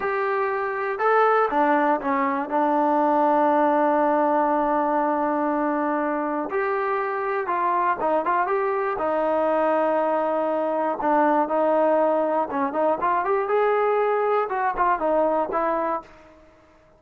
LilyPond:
\new Staff \with { instrumentName = "trombone" } { \time 4/4 \tempo 4 = 120 g'2 a'4 d'4 | cis'4 d'2.~ | d'1~ | d'4 g'2 f'4 |
dis'8 f'8 g'4 dis'2~ | dis'2 d'4 dis'4~ | dis'4 cis'8 dis'8 f'8 g'8 gis'4~ | gis'4 fis'8 f'8 dis'4 e'4 | }